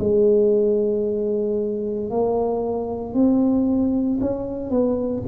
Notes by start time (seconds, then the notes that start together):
0.00 G#3
2.11 A#3
3.14 C4
4.21 C#4
4.70 B3